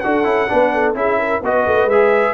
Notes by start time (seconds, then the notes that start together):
0.00 D4 F#4 A4 F#5
0.24 C#4 E4
0.48 B3 D4 B4
0.74 A4
0.95 C#4 E4 G#4 E5
1.19 A#4
1.43 B3 F#4 B4 D#5
1.67 A3
1.85 G#3 E5
1.92 G#4